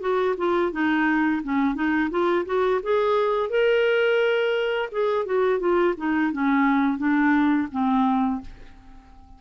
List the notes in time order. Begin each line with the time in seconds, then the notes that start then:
0.00 F#4
0.37 F4
0.72 D#4
1.43 C#4
1.75 D#4
2.10 F4
2.46 F#4
2.83 G#4
3.49 A#4
4.92 G#4
5.25 F#4
5.59 F4
5.97 D#4
6.32 C#4
6.98 D4
7.71 C4